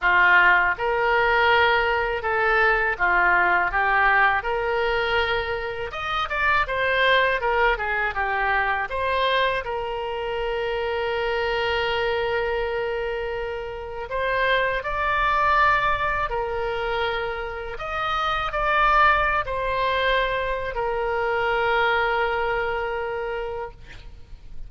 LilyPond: \new Staff \with { instrumentName = "oboe" } { \time 4/4 \tempo 4 = 81 f'4 ais'2 a'4 | f'4 g'4 ais'2 | dis''8 d''8 c''4 ais'8 gis'8 g'4 | c''4 ais'2.~ |
ais'2. c''4 | d''2 ais'2 | dis''4 d''4~ d''16 c''4.~ c''16 | ais'1 | }